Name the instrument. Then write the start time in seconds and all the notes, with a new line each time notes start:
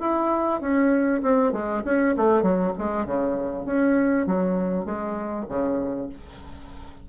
bassoon
0.00 E4
0.61 C#4
1.22 C4
1.52 G#3
1.85 C#4
2.17 A3
2.42 F#3
2.78 G#3
3.06 C#3
3.66 C#4
4.26 F#3
4.85 G#3
5.48 C#3